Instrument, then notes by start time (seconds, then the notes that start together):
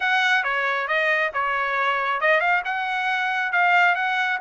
trumpet
0.00 F#5
0.43 C#5
0.87 D#5
1.33 C#5
2.20 D#5
2.40 F5
2.65 F#5
3.52 F5
3.95 F#5